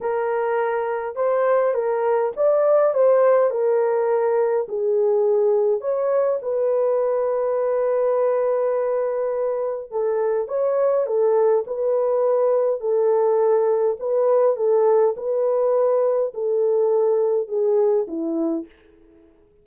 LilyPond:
\new Staff \with { instrumentName = "horn" } { \time 4/4 \tempo 4 = 103 ais'2 c''4 ais'4 | d''4 c''4 ais'2 | gis'2 cis''4 b'4~ | b'1~ |
b'4 a'4 cis''4 a'4 | b'2 a'2 | b'4 a'4 b'2 | a'2 gis'4 e'4 | }